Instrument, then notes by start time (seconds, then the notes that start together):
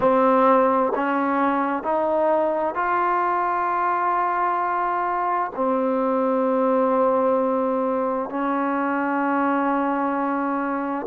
trombone
0.00 C4
0.95 C#4
1.83 D#4
2.74 F4
5.55 C4
8.29 C#4